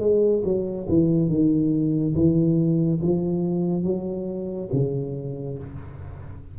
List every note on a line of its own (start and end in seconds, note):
0.00 0.43 G#3
0.44 0.87 F#3
0.88 1.29 E3
1.29 2.15 D#3
2.15 3.01 E3
3.02 3.83 F3
3.83 4.69 F#3
4.73 5.58 C#3